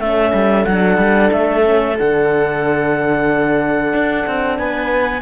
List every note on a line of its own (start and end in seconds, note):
0.00 0.33 A3
0.00 0.67 C#4
0.00 4.58 A4
0.00 0.65 E5
0.34 0.66 G3
0.65 0.98 F#3
0.65 1.63 D4
0.65 1.30 F#5
0.98 1.30 G3
1.32 1.99 A3
1.32 1.97 E5
1.63 1.96 C#4
1.99 3.94 D3
1.99 5.23 D4
1.99 4.58 F#5
3.94 4.26 D4
4.27 4.59 C4
4.58 5.23 B3
4.58 5.23 B4
4.58 5.23 G#5